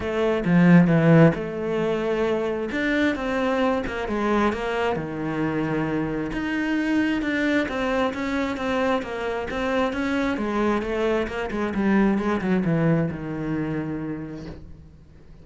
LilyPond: \new Staff \with { instrumentName = "cello" } { \time 4/4 \tempo 4 = 133 a4 f4 e4 a4~ | a2 d'4 c'4~ | c'8 ais8 gis4 ais4 dis4~ | dis2 dis'2 |
d'4 c'4 cis'4 c'4 | ais4 c'4 cis'4 gis4 | a4 ais8 gis8 g4 gis8 fis8 | e4 dis2. | }